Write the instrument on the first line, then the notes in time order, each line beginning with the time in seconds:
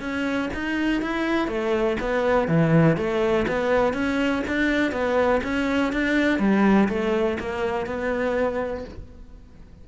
cello
0.00 C#4
0.54 D#4
1.01 E4
1.48 A3
2.00 B3
2.48 E3
2.97 A3
3.47 B3
3.93 C#4
4.47 D4
4.92 B3
5.43 C#4
5.93 D4
6.39 G3
6.89 A3
7.39 A#3
7.86 B3